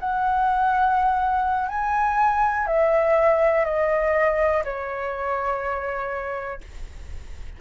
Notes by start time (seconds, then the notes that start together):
0.00 F#5
1.69 G#5
2.67 E5
3.65 D#5
4.65 C#5